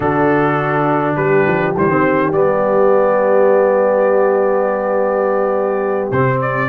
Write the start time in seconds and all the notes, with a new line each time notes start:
0.00 D3 D4 F#4 A4
1.16 G3 G4 B4
1.46 F3
1.76 E3 G3 C5
1.88 D#3 C4
2.32 G3 B3 D5
6.11 C3 C4 C5
6.41 D5